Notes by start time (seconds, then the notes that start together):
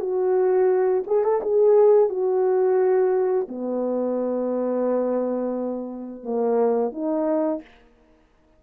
0.00 F#4
1.07 G#4
1.24 A4
1.42 G#4
2.09 F#4
3.48 B3
6.23 A#3
6.92 D#4